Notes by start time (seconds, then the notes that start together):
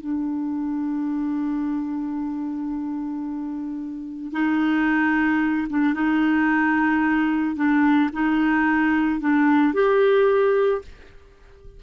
0.00 D4
4.32 D#4
5.69 D4
5.94 D#4
7.56 D4
8.13 D#4
9.20 D4
9.74 G4